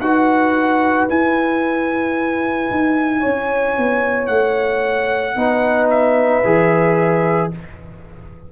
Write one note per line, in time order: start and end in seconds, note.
0.00 1.07 D#4
0.00 1.09 F#4
0.00 3.20 B4
0.00 1.07 F#5
1.09 5.36 E4
1.09 2.70 E4
1.09 4.27 G#5
2.70 3.24 D#4
3.20 3.78 C#4
3.20 5.34 C#5
3.78 4.28 B3
4.27 5.35 A3
4.27 5.87 F#5
5.36 6.43 B3
5.36 6.43 D#4
5.36 7.51 B4
5.90 7.50 E5
6.44 7.52 E3
6.44 7.52 G#4